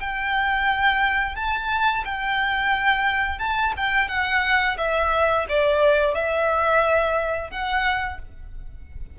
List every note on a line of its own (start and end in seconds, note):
0.00 1.36 G5
1.36 2.04 A5
2.05 3.39 G5
3.39 3.73 A5
3.77 4.08 G5
4.08 4.77 F#5
4.78 5.46 E5
5.49 6.14 D5
6.14 7.50 E5
7.50 8.18 F#5